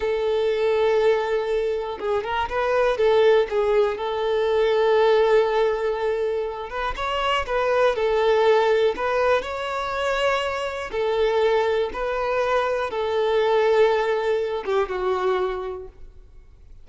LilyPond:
\new Staff \with { instrumentName = "violin" } { \time 4/4 \tempo 4 = 121 a'1 | gis'8 ais'8 b'4 a'4 gis'4 | a'1~ | a'4. b'8 cis''4 b'4 |
a'2 b'4 cis''4~ | cis''2 a'2 | b'2 a'2~ | a'4. g'8 fis'2 | }